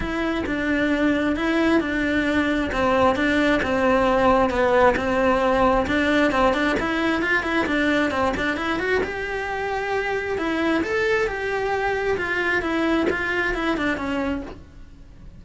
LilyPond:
\new Staff \with { instrumentName = "cello" } { \time 4/4 \tempo 4 = 133 e'4 d'2 e'4 | d'2 c'4 d'4 | c'2 b4 c'4~ | c'4 d'4 c'8 d'8 e'4 |
f'8 e'8 d'4 c'8 d'8 e'8 fis'8 | g'2. e'4 | a'4 g'2 f'4 | e'4 f'4 e'8 d'8 cis'4 | }